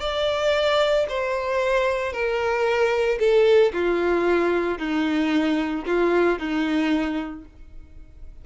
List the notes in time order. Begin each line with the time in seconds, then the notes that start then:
0.00 D5
1.09 C5
2.12 A#4
3.19 A4
3.73 F4
4.78 D#4
5.86 F4
6.39 D#4